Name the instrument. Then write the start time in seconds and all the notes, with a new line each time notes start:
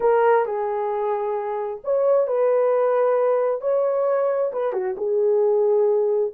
horn
0.00 A#4
0.45 G#4
1.84 C#5
2.27 B4
3.61 C#5
4.53 B4
4.72 F#4
4.97 G#4